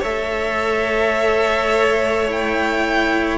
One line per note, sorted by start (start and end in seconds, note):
0.00 3.38 A3
0.00 2.27 A4
0.00 3.38 C#5
0.00 2.30 E5
2.27 3.38 E4
2.27 3.38 G5